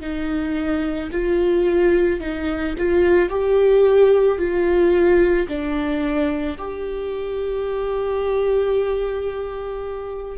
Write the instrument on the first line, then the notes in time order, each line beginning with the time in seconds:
viola
0.00 D#4
1.12 F4
2.20 D#4
2.78 F4
3.29 G4
4.38 F4
5.48 D4
6.57 G4